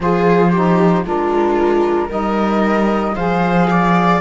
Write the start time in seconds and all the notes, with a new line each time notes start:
0.00 F3 F4 G#4 C5
0.51 D#4 G4
1.04 G#3 D4 F4 A#4
2.08 G3 D#4 A#4 D#5
3.15 F3 G#4 C5 F5
3.70 D5